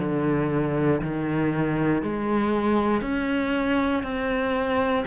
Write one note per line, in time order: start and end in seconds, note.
0.00 1.02 D3
1.02 2.03 D#3
2.03 3.02 G#3
3.02 4.04 C#4
4.04 5.05 C4